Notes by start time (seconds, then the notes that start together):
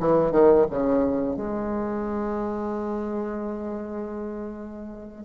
0.00 E3
0.32 D#3
0.70 C#3
1.37 G#3